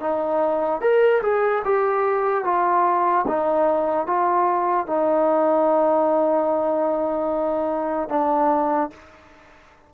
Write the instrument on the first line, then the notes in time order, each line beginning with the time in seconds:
trombone
0.00 D#4
0.81 A#4
1.22 G#4
1.65 G4
2.44 F4
3.27 D#4
4.07 F4
4.86 D#4
8.09 D4